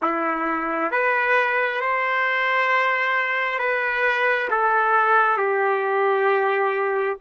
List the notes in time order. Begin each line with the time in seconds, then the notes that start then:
0.02 E4
0.91 B4
1.80 C5
3.59 B4
4.50 A4
5.37 G4